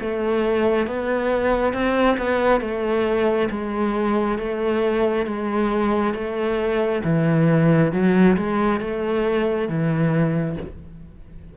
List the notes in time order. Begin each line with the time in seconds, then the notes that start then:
0.00 A3
0.87 B3
1.73 C4
2.17 B3
2.60 A3
3.50 G#3
4.38 A3
5.26 G#3
6.14 A3
7.04 E3
7.92 F#3
8.37 G#3
8.80 A3
9.68 E3